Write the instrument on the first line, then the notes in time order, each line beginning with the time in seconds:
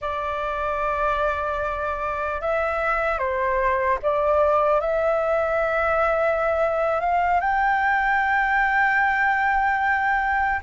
flute
0.01 D5
2.41 E5
3.18 C5
4.02 D5
4.80 E5
7.00 F5
7.40 G5